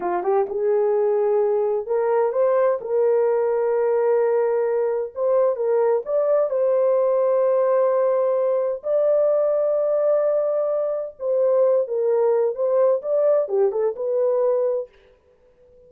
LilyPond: \new Staff \with { instrumentName = "horn" } { \time 4/4 \tempo 4 = 129 f'8 g'8 gis'2. | ais'4 c''4 ais'2~ | ais'2. c''4 | ais'4 d''4 c''2~ |
c''2. d''4~ | d''1 | c''4. ais'4. c''4 | d''4 g'8 a'8 b'2 | }